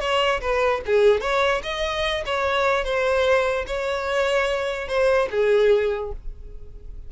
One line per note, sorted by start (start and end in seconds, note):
0.00 0.41 C#5
0.41 0.81 B4
0.86 1.21 G#4
1.21 1.62 C#5
1.63 2.24 D#5
2.26 2.84 C#5
2.84 3.65 C5
3.67 4.88 C#5
4.88 5.29 C5
5.31 6.12 G#4